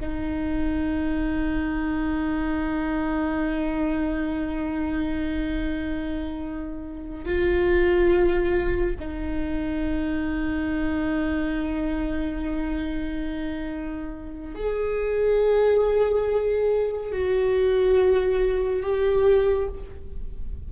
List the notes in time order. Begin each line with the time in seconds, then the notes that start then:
0.00 D#4
7.25 F4
9.00 D#4
14.55 G#4
17.12 F#4
18.83 G4